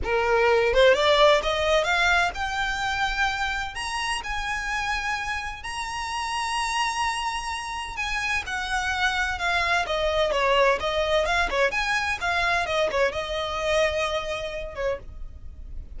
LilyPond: \new Staff \with { instrumentName = "violin" } { \time 4/4 \tempo 4 = 128 ais'4. c''8 d''4 dis''4 | f''4 g''2. | ais''4 gis''2. | ais''1~ |
ais''4 gis''4 fis''2 | f''4 dis''4 cis''4 dis''4 | f''8 cis''8 gis''4 f''4 dis''8 cis''8 | dis''2.~ dis''8 cis''8 | }